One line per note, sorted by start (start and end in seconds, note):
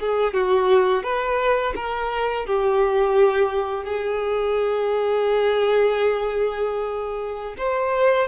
0.00 0.34 G#4
0.34 1.03 F#4
1.03 1.74 B4
1.76 2.46 A#4
2.46 3.85 G4
3.85 7.55 G#4
7.58 8.28 C5